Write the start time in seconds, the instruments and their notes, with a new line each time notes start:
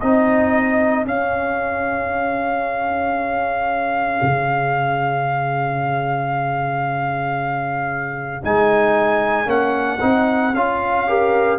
0.00 tuba C4, trombone D#4, horn G#4, trumpet D#5
1.05 tuba C#4, trombone C#4, trumpet F5
4.22 tuba C#3
8.43 tuba G#3, trombone D#4, trumpet G#5
9.46 tuba A#3, trombone C#4, trumpet F#5
10.00 tuba C4, trombone D#4
10.54 tuba C#4, trombone F4, trumpet F5
11.08 trombone G4, horn A#4